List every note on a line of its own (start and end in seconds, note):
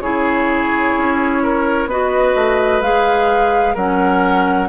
0.00 0.94 C#3
0.00 1.90 E4
0.00 1.43 G#4
0.00 1.88 C#5
0.97 1.87 C#4
1.43 1.89 A#4
1.87 2.33 B3
1.87 2.82 F#4
1.87 3.75 B4
1.87 2.82 D#5
2.35 2.81 A3
2.81 3.75 G#3
2.81 3.76 G#4
2.81 3.76 F5
3.75 4.69 F#3
3.75 4.69 C#4
3.75 4.68 A#4
3.75 4.69 F#5